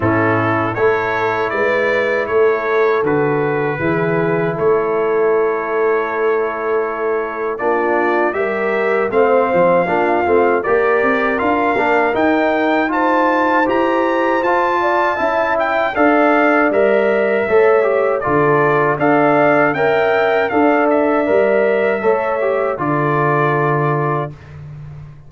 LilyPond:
<<
  \new Staff \with { instrumentName = "trumpet" } { \time 4/4 \tempo 4 = 79 a'4 cis''4 d''4 cis''4 | b'2 cis''2~ | cis''2 d''4 e''4 | f''2 d''4 f''4 |
g''4 a''4 ais''4 a''4~ | a''8 g''8 f''4 e''2 | d''4 f''4 g''4 f''8 e''8~ | e''2 d''2 | }
  \new Staff \with { instrumentName = "horn" } { \time 4/4 e'4 a'4 b'4 a'4~ | a'4 gis'4 a'2~ | a'2 f'4 ais'4 | c''4 f'4 ais'2~ |
ais'4 c''2~ c''8 d''8 | e''4 d''2 cis''4 | a'4 d''4 e''4 d''4~ | d''4 cis''4 a'2 | }
  \new Staff \with { instrumentName = "trombone" } { \time 4/4 cis'4 e'2. | fis'4 e'2.~ | e'2 d'4 g'4 | c'4 d'8 c'8 g'4 f'8 d'8 |
dis'4 f'4 g'4 f'4 | e'4 a'4 ais'4 a'8 g'8 | f'4 a'4 ais'4 a'4 | ais'4 a'8 g'8 f'2 | }
  \new Staff \with { instrumentName = "tuba" } { \time 4/4 a,4 a4 gis4 a4 | d4 e4 a2~ | a2 ais4 g4 | a8 f8 ais8 a8 ais8 c'8 d'8 ais8 |
dis'2 e'4 f'4 | cis'4 d'4 g4 a4 | d4 d'4 cis'4 d'4 | g4 a4 d2 | }
>>